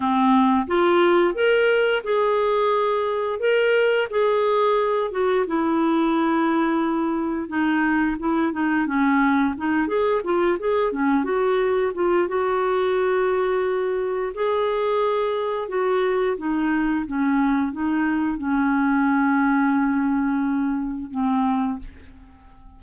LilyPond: \new Staff \with { instrumentName = "clarinet" } { \time 4/4 \tempo 4 = 88 c'4 f'4 ais'4 gis'4~ | gis'4 ais'4 gis'4. fis'8 | e'2. dis'4 | e'8 dis'8 cis'4 dis'8 gis'8 f'8 gis'8 |
cis'8 fis'4 f'8 fis'2~ | fis'4 gis'2 fis'4 | dis'4 cis'4 dis'4 cis'4~ | cis'2. c'4 | }